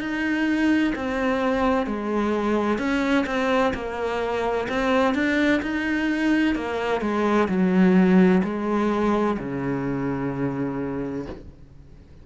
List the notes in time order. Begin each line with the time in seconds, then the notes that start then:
0.00 D#4
0.95 C4
1.87 G#3
2.78 C#4
3.26 C4
3.74 A#3
4.69 C4
5.15 D4
5.62 D#4
6.55 A#3
7.01 G#3
7.49 F#3
8.44 G#3
9.39 C#3